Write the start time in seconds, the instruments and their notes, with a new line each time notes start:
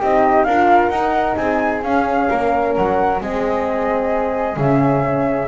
0.00 double bass C4, horn D#4, flute G4 D#5
0.44 double bass D4, horn F4, flute A#4 F5
0.89 double bass D#4, horn D#4, flute F#5
1.36 double bass C4, flute G#4 G#5
1.83 double bass C#4, horn C#4, flute F5
2.29 double bass A#3, flute A#4
2.75 double bass F#3, flute F#5
3.20 double bass G#3, horn C4, flute G#4 D#5
4.57 double bass C#3, horn C#4, flute E5